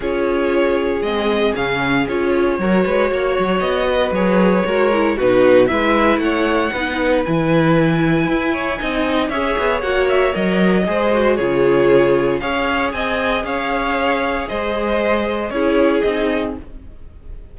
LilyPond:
<<
  \new Staff \with { instrumentName = "violin" } { \time 4/4 \tempo 4 = 116 cis''2 dis''4 f''4 | cis''2. dis''4 | cis''2 b'4 e''4 | fis''2 gis''2~ |
gis''2 e''4 fis''8 e''8 | dis''2 cis''2 | f''4 gis''4 f''2 | dis''2 cis''4 dis''4 | }
  \new Staff \with { instrumentName = "violin" } { \time 4/4 gis'1~ | gis'4 ais'8 b'8 cis''4. b'8~ | b'4 ais'4 fis'4 b'4 | cis''4 b'2.~ |
b'8 cis''8 dis''4 cis''2~ | cis''4 c''4 gis'2 | cis''4 dis''4 cis''2 | c''2 gis'2 | }
  \new Staff \with { instrumentName = "viola" } { \time 4/4 f'2 c'4 cis'4 | f'4 fis'2. | gis'4 fis'8 e'8 dis'4 e'4~ | e'4 dis'4 e'2~ |
e'4 dis'4 gis'4 fis'4 | ais'4 gis'8 fis'8 f'2 | gis'1~ | gis'2 e'4 dis'4 | }
  \new Staff \with { instrumentName = "cello" } { \time 4/4 cis'2 gis4 cis4 | cis'4 fis8 gis8 ais8 fis8 b4 | fis4 gis4 b,4 gis4 | a4 b4 e2 |
e'4 c'4 cis'8 b8 ais4 | fis4 gis4 cis2 | cis'4 c'4 cis'2 | gis2 cis'4 c'4 | }
>>